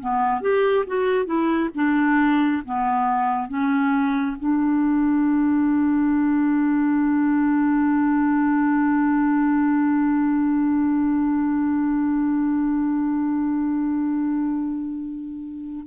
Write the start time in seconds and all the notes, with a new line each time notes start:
0.00 B3
0.41 G4
0.87 F#4
1.26 E4
1.75 D4
2.66 B3
3.49 C#4
4.40 D4